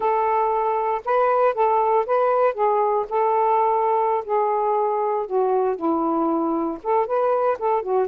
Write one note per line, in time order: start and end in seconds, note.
0.00 1.01 A4
1.04 1.54 B4
1.54 2.05 A4
2.06 2.54 B4
2.54 3.05 G#4
3.09 4.24 A4
4.24 5.26 G#4
5.26 5.76 F#4
5.76 6.78 E4
6.83 7.06 A4
7.06 7.57 B4
7.59 7.82 A4
7.82 8.07 F#4